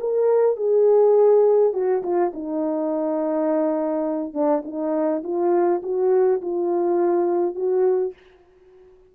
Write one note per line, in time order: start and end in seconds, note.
0.00 0.56 A#4
0.56 1.73 G#4
1.73 2.02 F#4
2.03 2.32 F4
2.33 4.33 D#4
4.33 4.63 D4
4.64 5.23 D#4
5.23 5.81 F4
5.83 6.41 F#4
6.41 7.55 F4
7.55 8.13 F#4